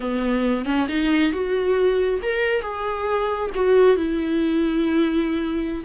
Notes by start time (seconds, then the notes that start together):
0.00 B3
0.65 C#4
0.88 D#4
1.32 F#4
2.22 A#4
2.61 G#4
3.55 F#4
3.96 E4